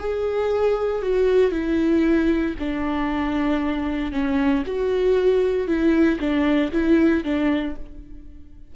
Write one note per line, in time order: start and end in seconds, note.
0.00 1.03 G#4
1.03 1.52 F#4
1.52 2.55 E4
2.60 4.12 D4
4.12 4.64 C#4
4.66 5.68 F#4
5.68 6.20 E4
6.20 6.72 D4
6.72 7.24 E4
7.24 7.76 D4